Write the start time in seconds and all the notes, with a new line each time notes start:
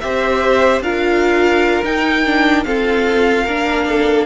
0.00 C4 G4 C5 E5
0.80 D4 F4 A#4 F5
1.84 D#4 G5
2.25 D4
2.64 C4 F4 A4 F5
3.44 A#3 D4 A#4
3.89 A4